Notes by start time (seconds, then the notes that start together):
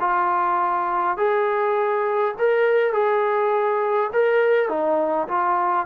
0.00 F4
1.17 G#4
2.38 A#4
2.93 G#4
4.13 A#4
4.69 D#4
5.28 F4